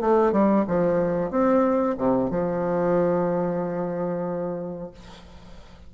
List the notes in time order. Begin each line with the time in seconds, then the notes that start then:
0.00 A3
0.32 G3
0.67 F3
1.30 C4
1.98 C3
2.30 F3